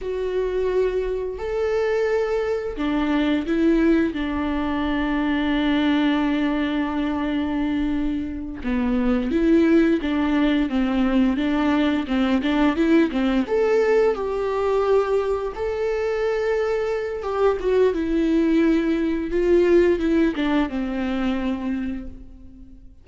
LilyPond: \new Staff \with { instrumentName = "viola" } { \time 4/4 \tempo 4 = 87 fis'2 a'2 | d'4 e'4 d'2~ | d'1~ | d'8 b4 e'4 d'4 c'8~ |
c'8 d'4 c'8 d'8 e'8 c'8 a'8~ | a'8 g'2 a'4.~ | a'4 g'8 fis'8 e'2 | f'4 e'8 d'8 c'2 | }